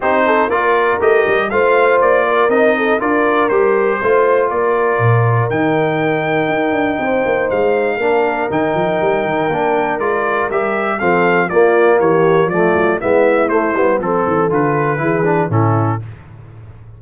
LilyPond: <<
  \new Staff \with { instrumentName = "trumpet" } { \time 4/4 \tempo 4 = 120 c''4 d''4 dis''4 f''4 | d''4 dis''4 d''4 c''4~ | c''4 d''2 g''4~ | g''2. f''4~ |
f''4 g''2. | d''4 e''4 f''4 d''4 | cis''4 d''4 e''4 c''4 | a'4 b'2 a'4 | }
  \new Staff \with { instrumentName = "horn" } { \time 4/4 g'8 a'8 ais'2 c''4~ | c''8 ais'4 a'8 ais'2 | c''4 ais'2.~ | ais'2 c''2 |
ais'1~ | ais'2 a'4 f'4 | g'4 f'4 e'2 | a'2 gis'4 e'4 | }
  \new Staff \with { instrumentName = "trombone" } { \time 4/4 dis'4 f'4 g'4 f'4~ | f'4 dis'4 f'4 g'4 | f'2. dis'4~ | dis'1 |
d'4 dis'2 d'4 | f'4 g'4 c'4 ais4~ | ais4 a4 b4 a8 b8 | c'4 f'4 e'8 d'8 cis'4 | }
  \new Staff \with { instrumentName = "tuba" } { \time 4/4 c'4 ais4 a8 g8 a4 | ais4 c'4 d'4 g4 | a4 ais4 ais,4 dis4~ | dis4 dis'8 d'8 c'8 ais8 gis4 |
ais4 dis8 f8 g8 dis8 ais4 | gis4 g4 f4 ais4 | e4 f8 fis8 gis4 a8 g8 | f8 e8 d4 e4 a,4 | }
>>